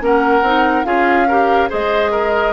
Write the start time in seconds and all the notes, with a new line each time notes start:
0.00 A#3 C#4 A#4 F#5
0.42 C4 D#4
0.84 C#4 F4 G#4 F5
1.28 G4 A#4
1.69 G#3 G#4 C5 D#5
2.11 A#4